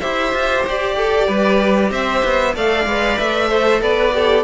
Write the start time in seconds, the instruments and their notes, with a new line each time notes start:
0.00 cello E4, viola G4, violin C5 E5
0.33 cello F4
0.66 cello G4, violin D5
0.97 violin A4
1.27 cello G3, violin B4
1.91 cello C4, violin C5 E5
2.24 cello B3
2.55 cello A3, viola A4, violin D5 F5
2.86 cello G#3, viola B4
3.18 cello A3, violin E5
3.48 viola A4, violin C5
3.81 cello B3, violin B4 D5
4.13 viola G4, violin A4